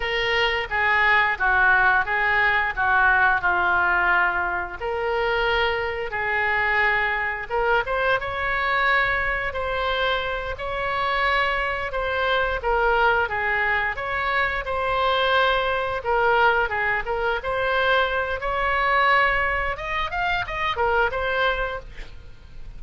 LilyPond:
\new Staff \with { instrumentName = "oboe" } { \time 4/4 \tempo 4 = 88 ais'4 gis'4 fis'4 gis'4 | fis'4 f'2 ais'4~ | ais'4 gis'2 ais'8 c''8 | cis''2 c''4. cis''8~ |
cis''4. c''4 ais'4 gis'8~ | gis'8 cis''4 c''2 ais'8~ | ais'8 gis'8 ais'8 c''4. cis''4~ | cis''4 dis''8 f''8 dis''8 ais'8 c''4 | }